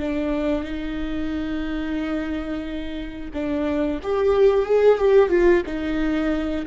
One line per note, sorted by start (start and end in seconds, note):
0.00 0.64 D4
0.64 3.31 D#4
3.34 4.01 D4
4.03 4.66 G4
4.66 4.98 G#4
4.98 5.30 G4
5.30 5.63 F4
5.66 6.66 D#4